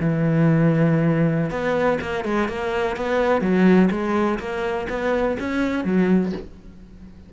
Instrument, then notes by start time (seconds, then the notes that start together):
cello
0.00 E3
1.51 B3
2.01 A#3
2.25 G#3
2.48 A#3
2.96 B3
3.41 F#3
3.91 G#3
4.39 A#3
4.89 B3
5.40 C#4
5.84 F#3